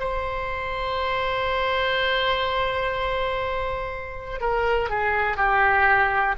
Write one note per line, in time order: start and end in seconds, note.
0.00 4.41 C5
4.41 4.90 A#4
4.90 5.37 G#4
5.37 6.35 G4